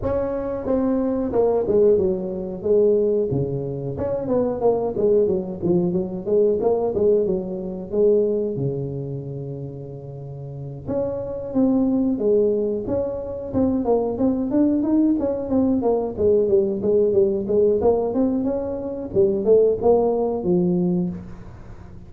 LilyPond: \new Staff \with { instrumentName = "tuba" } { \time 4/4 \tempo 4 = 91 cis'4 c'4 ais8 gis8 fis4 | gis4 cis4 cis'8 b8 ais8 gis8 | fis8 f8 fis8 gis8 ais8 gis8 fis4 | gis4 cis2.~ |
cis8 cis'4 c'4 gis4 cis'8~ | cis'8 c'8 ais8 c'8 d'8 dis'8 cis'8 c'8 | ais8 gis8 g8 gis8 g8 gis8 ais8 c'8 | cis'4 g8 a8 ais4 f4 | }